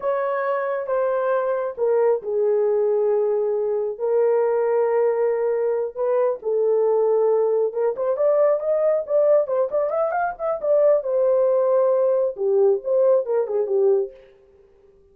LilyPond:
\new Staff \with { instrumentName = "horn" } { \time 4/4 \tempo 4 = 136 cis''2 c''2 | ais'4 gis'2.~ | gis'4 ais'2.~ | ais'4. b'4 a'4.~ |
a'4. ais'8 c''8 d''4 dis''8~ | dis''8 d''4 c''8 d''8 e''8 f''8 e''8 | d''4 c''2. | g'4 c''4 ais'8 gis'8 g'4 | }